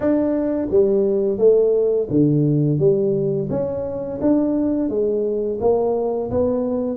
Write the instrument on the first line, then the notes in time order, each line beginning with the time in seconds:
tuba
0.00 D4
0.70 G3
1.38 A3
2.10 D3
2.78 G3
3.49 C#4
4.21 D4
4.89 G#3
5.60 A#3
6.30 B3